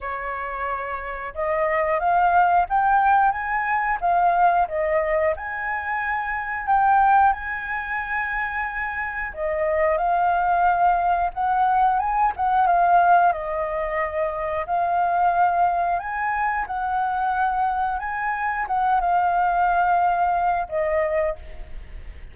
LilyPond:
\new Staff \with { instrumentName = "flute" } { \time 4/4 \tempo 4 = 90 cis''2 dis''4 f''4 | g''4 gis''4 f''4 dis''4 | gis''2 g''4 gis''4~ | gis''2 dis''4 f''4~ |
f''4 fis''4 gis''8 fis''8 f''4 | dis''2 f''2 | gis''4 fis''2 gis''4 | fis''8 f''2~ f''8 dis''4 | }